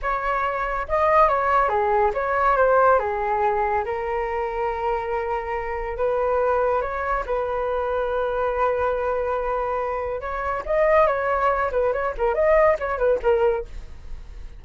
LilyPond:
\new Staff \with { instrumentName = "flute" } { \time 4/4 \tempo 4 = 141 cis''2 dis''4 cis''4 | gis'4 cis''4 c''4 gis'4~ | gis'4 ais'2.~ | ais'2 b'2 |
cis''4 b'2.~ | b'1 | cis''4 dis''4 cis''4. b'8 | cis''8 ais'8 dis''4 cis''8 b'8 ais'4 | }